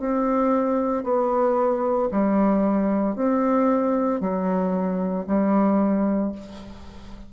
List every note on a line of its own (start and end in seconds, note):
0.00 1.04 C4
1.04 2.09 B3
2.11 3.16 G3
3.16 4.21 C4
4.21 5.26 F#3
5.27 6.32 G3